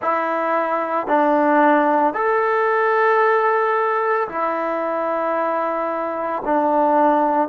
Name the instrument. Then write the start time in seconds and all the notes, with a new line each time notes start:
trombone
0.01 E4
1.07 D4
2.13 A4
4.28 E4
6.45 D4